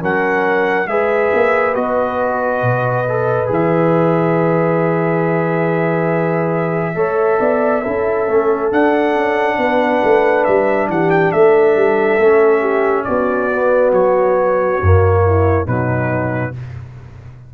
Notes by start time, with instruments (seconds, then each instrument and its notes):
0.00 tuba F#3, trombone C#4, horn A#4, trumpet F#5
0.87 tuba G#3, trombone G#4, horn B4, trumpet E5
1.34 tuba A#3
1.75 tuba B3, trombone F#4, trumpet D#5
2.62 tuba B2
3.09 trombone A4
3.47 tuba E3, trombone G#4
3.53 trumpet E5
6.95 tuba A3, trombone A4, horn C#5
7.40 tuba B3, horn D5
7.83 tuba C#4, trombone E4, horn A4
8.29 tuba A3, trombone C#4
8.72 tuba D4, trombone D4, trumpet F#5
9.16 tuba C#4
9.58 tuba B3, horn B4
10.04 tuba A3
10.45 tuba G3, trumpet E5
10.89 tuba E3, horn G4, trumpet F#5
11.11 trumpet G5
11.32 tuba A3, horn A4, trumpet E5
11.76 tuba G3
12.18 tuba A3, trombone C#4
12.61 horn G4
13.04 tuba B3, horn F#4, trumpet D5
13.52 trombone B3
13.92 tuba F#3, trumpet C#5
14.82 tuba F#2, trombone A#3
15.26 horn E4
15.66 tuba B2, trombone F#3, horn D#4, trumpet B4